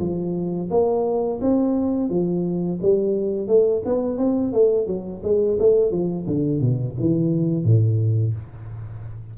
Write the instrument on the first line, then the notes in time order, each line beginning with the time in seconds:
tuba
0.00 F3
0.71 A#3
1.41 C4
2.10 F3
2.82 G3
3.48 A3
3.86 B3
4.18 C4
4.53 A3
4.87 F#3
5.23 G#3
5.60 A3
5.91 F3
6.27 D3
6.61 B2
7.00 E3
7.65 A2